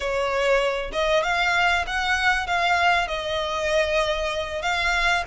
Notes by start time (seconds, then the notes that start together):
0.00 C#5
0.92 D#5
1.23 F5
1.86 F#5
2.47 F5
3.07 D#5
4.62 F5